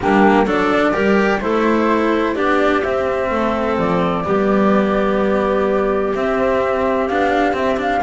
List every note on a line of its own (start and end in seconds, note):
0.00 0.45 G3
0.00 0.46 A#3
0.00 0.45 D4
0.00 0.47 G4
0.45 0.92 F#3
0.45 0.93 D4
0.45 0.92 A4
0.45 1.40 D5
0.92 1.42 G3
0.92 1.40 G4
0.92 1.39 A#4
1.40 2.37 A3
1.40 2.35 E4
1.40 2.34 A4
1.40 2.34 C5
2.34 2.83 B3
2.34 2.83 D4
2.34 3.28 G4
2.34 2.82 D5
2.82 3.30 C4
2.82 4.23 C4
2.82 3.77 E5
3.30 3.77 A3
3.30 4.25 A4
3.78 4.25 F3
3.78 6.14 D5
4.23 6.14 G3
4.23 6.12 B3
4.23 8.02 G4
6.14 7.08 C4
6.14 7.09 C4
6.14 7.08 E5
7.08 7.57 B3
7.08 7.53 D4
7.08 7.55 F5
7.53 7.77 C4
7.53 8.02 C4
7.53 7.79 E5
7.77 8.00 D4
7.77 8.02 F5